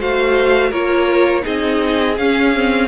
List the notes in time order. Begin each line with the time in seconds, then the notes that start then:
0.00 A3 F#4 C5 F5
0.70 A#3 F4 A#4 C#5
1.42 C4 D#4 G#4 D#5
2.17 C#4 F5
2.55 C4